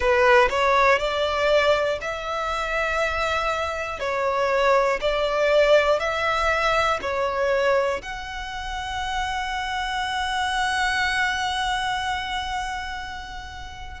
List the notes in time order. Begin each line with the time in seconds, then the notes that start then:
0.00 B4
0.49 C#5
0.98 D5
2.01 E5
4.00 C#5
5.00 D5
6.00 E5
7.01 C#5
8.01 F#5